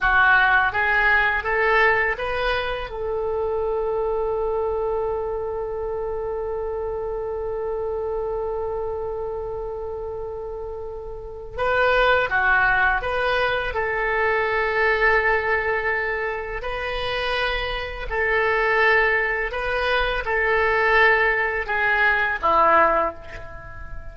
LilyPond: \new Staff \with { instrumentName = "oboe" } { \time 4/4 \tempo 4 = 83 fis'4 gis'4 a'4 b'4 | a'1~ | a'1~ | a'1 |
b'4 fis'4 b'4 a'4~ | a'2. b'4~ | b'4 a'2 b'4 | a'2 gis'4 e'4 | }